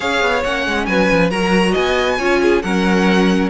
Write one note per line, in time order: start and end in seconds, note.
0.00 0.22 C#4
0.00 0.43 G#4
0.00 0.86 C#5
0.00 0.43 F5
0.22 0.43 B3
0.43 0.66 A#3
0.43 1.31 C#4
0.43 0.85 F#5
0.66 0.88 G#3
0.85 1.09 F#3
0.85 1.30 B4
0.85 1.29 G#5
1.12 1.30 F3
1.30 1.74 F#3
1.30 2.18 F#4
1.30 1.71 A#4
1.30 1.74 A#5
1.71 2.19 B3
1.71 2.15 D#5
1.71 2.61 G#5
2.18 2.63 C#4
2.18 2.62 F4
2.18 2.40 C#5
2.41 2.63 G#4
2.61 3.49 F#3
2.61 3.49 C#4
2.61 3.49 A#4
2.61 3.49 F#5